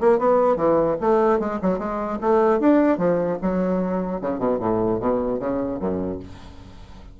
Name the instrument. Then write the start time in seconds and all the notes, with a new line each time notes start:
bassoon
0.00 A#3
0.18 B3
0.56 E3
1.00 A3
1.39 G#3
1.61 F#3
1.78 G#3
2.21 A3
2.59 D4
2.98 F3
3.41 F#3
4.21 C#3
4.38 B2
4.59 A2
4.99 B2
5.39 C#3
5.79 F#2